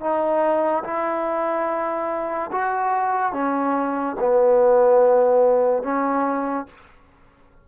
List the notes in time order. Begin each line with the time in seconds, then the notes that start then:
0.00 D#4
0.84 E4
2.52 F#4
3.33 C#4
4.20 B3
5.83 C#4